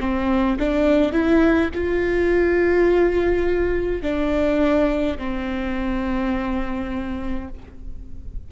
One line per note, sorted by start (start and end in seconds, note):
0.00 0.58 C4
0.59 1.12 D4
1.12 1.70 E4
1.75 4.02 F4
4.02 5.18 D4
5.18 7.49 C4